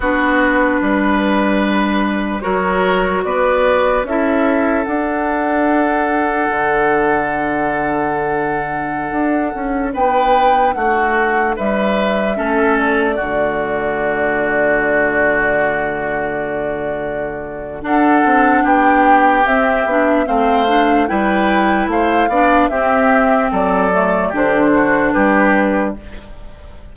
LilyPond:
<<
  \new Staff \with { instrumentName = "flute" } { \time 4/4 \tempo 4 = 74 b'2. cis''4 | d''4 e''4 fis''2~ | fis''1~ | fis''16 g''4 fis''4 e''4. d''16~ |
d''1~ | d''2 fis''4 g''4 | e''4 f''4 g''4 f''4 | e''4 d''4 c''4 b'4 | }
  \new Staff \with { instrumentName = "oboe" } { \time 4/4 fis'4 b'2 ais'4 | b'4 a'2.~ | a'1~ | a'16 b'4 fis'4 b'4 a'8.~ |
a'16 fis'2.~ fis'8.~ | fis'2 a'4 g'4~ | g'4 c''4 b'4 c''8 d''8 | g'4 a'4 g'8 fis'8 g'4 | }
  \new Staff \with { instrumentName = "clarinet" } { \time 4/4 d'2. fis'4~ | fis'4 e'4 d'2~ | d'1~ | d'2.~ d'16 cis'8.~ |
cis'16 a2.~ a8.~ | a2 d'2 | c'8 d'8 c'8 d'8 e'4. d'8 | c'4. a8 d'2 | }
  \new Staff \with { instrumentName = "bassoon" } { \time 4/4 b4 g2 fis4 | b4 cis'4 d'2 | d2.~ d16 d'8 cis'16~ | cis'16 b4 a4 g4 a8.~ |
a16 d2.~ d8.~ | d2 d'8 c'8 b4 | c'8 b8 a4 g4 a8 b8 | c'4 fis4 d4 g4 | }
>>